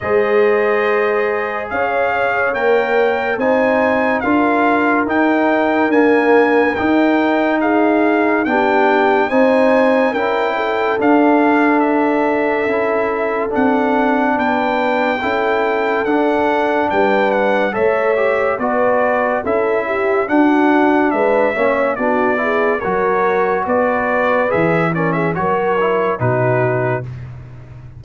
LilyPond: <<
  \new Staff \with { instrumentName = "trumpet" } { \time 4/4 \tempo 4 = 71 dis''2 f''4 g''4 | gis''4 f''4 g''4 gis''4 | g''4 f''4 g''4 gis''4 | g''4 f''4 e''2 |
fis''4 g''2 fis''4 | g''8 fis''8 e''4 d''4 e''4 | fis''4 e''4 d''4 cis''4 | d''4 e''8 d''16 e''16 cis''4 b'4 | }
  \new Staff \with { instrumentName = "horn" } { \time 4/4 c''2 cis''2 | c''4 ais'2.~ | ais'4 gis'4 g'4 c''4 | ais'8 a'2.~ a'8~ |
a'4 b'4 a'2 | b'4 cis''4 b'4 a'8 g'8 | fis'4 b'8 cis''8 fis'8 gis'8 ais'4 | b'4. ais'16 gis'16 ais'4 fis'4 | }
  \new Staff \with { instrumentName = "trombone" } { \time 4/4 gis'2. ais'4 | dis'4 f'4 dis'4 ais4 | dis'2 d'4 dis'4 | e'4 d'2 e'4 |
d'2 e'4 d'4~ | d'4 a'8 g'8 fis'4 e'4 | d'4. cis'8 d'8 e'8 fis'4~ | fis'4 gis'8 cis'8 fis'8 e'8 dis'4 | }
  \new Staff \with { instrumentName = "tuba" } { \time 4/4 gis2 cis'4 ais4 | c'4 d'4 dis'4 d'4 | dis'2 b4 c'4 | cis'4 d'2 cis'4 |
c'4 b4 cis'4 d'4 | g4 a4 b4 cis'4 | d'4 gis8 ais8 b4 fis4 | b4 e4 fis4 b,4 | }
>>